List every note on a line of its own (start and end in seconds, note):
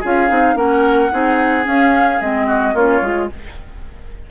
0.00 0.30 C#4
0.00 0.28 F4
0.00 0.55 G#4
0.00 0.57 F5
0.28 0.55 C4
0.28 0.55 D#4
0.55 1.09 A#3
0.55 1.10 C#4
0.55 1.12 A#4
0.55 1.66 F#5
1.11 1.66 C4
1.11 1.63 D#4
1.11 2.47 G#4
1.63 2.18 C#4
1.63 2.20 C#4
1.63 2.21 F5
2.20 2.74 G#3
2.20 2.75 C4
2.20 2.76 D#5
2.47 2.74 F#4
2.74 3.01 A#3
2.74 3.02 C#4
2.74 3.29 F4
2.74 3.30 C#5
3.02 3.29 G#3
3.02 3.29 F4